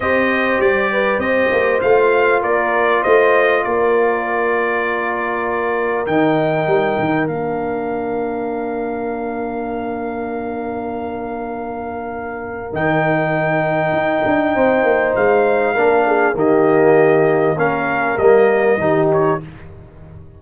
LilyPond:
<<
  \new Staff \with { instrumentName = "trumpet" } { \time 4/4 \tempo 4 = 99 dis''4 d''4 dis''4 f''4 | d''4 dis''4 d''2~ | d''2 g''2 | f''1~ |
f''1~ | f''4 g''2.~ | g''4 f''2 dis''4~ | dis''4 f''4 dis''4. cis''8 | }
  \new Staff \with { instrumentName = "horn" } { \time 4/4 c''4. b'8 c''2 | ais'4 c''4 ais'2~ | ais'1~ | ais'1~ |
ais'1~ | ais'1 | c''2 ais'8 gis'8 g'4~ | g'4 ais'2 g'4 | }
  \new Staff \with { instrumentName = "trombone" } { \time 4/4 g'2. f'4~ | f'1~ | f'2 dis'2 | d'1~ |
d'1~ | d'4 dis'2.~ | dis'2 d'4 ais4~ | ais4 cis'4 ais4 dis'4 | }
  \new Staff \with { instrumentName = "tuba" } { \time 4/4 c'4 g4 c'8 ais8 a4 | ais4 a4 ais2~ | ais2 dis4 g8 dis8 | ais1~ |
ais1~ | ais4 dis2 dis'8 d'8 | c'8 ais8 gis4 ais4 dis4~ | dis4 ais4 g4 dis4 | }
>>